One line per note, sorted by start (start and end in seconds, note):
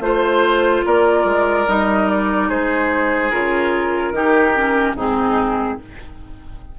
0.00 0.82 A3
0.00 1.66 F4
0.00 0.84 C5
0.00 0.85 C5
0.85 1.24 A#3
0.85 2.48 A#4
0.85 1.68 D5
1.24 1.65 G#3
1.67 2.49 G3
1.67 3.32 D#4
1.67 2.09 D#5
2.09 2.49 D5
2.48 3.32 G#3
2.48 4.12 G#4
2.48 3.31 C5
3.31 4.11 C#3
3.31 4.14 F4
3.31 4.95 A#4
4.11 4.94 D#3
4.11 4.55 D#4
4.11 4.96 G4
4.55 4.96 C#4
4.95 5.77 G#2
4.95 5.79 C4
4.95 5.78 D#4
4.95 5.79 G#4